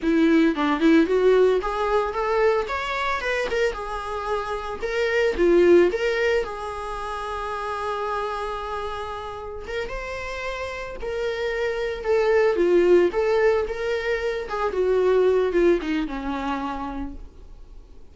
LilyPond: \new Staff \with { instrumentName = "viola" } { \time 4/4 \tempo 4 = 112 e'4 d'8 e'8 fis'4 gis'4 | a'4 cis''4 b'8 ais'8 gis'4~ | gis'4 ais'4 f'4 ais'4 | gis'1~ |
gis'2 ais'8 c''4.~ | c''8 ais'2 a'4 f'8~ | f'8 a'4 ais'4. gis'8 fis'8~ | fis'4 f'8 dis'8 cis'2 | }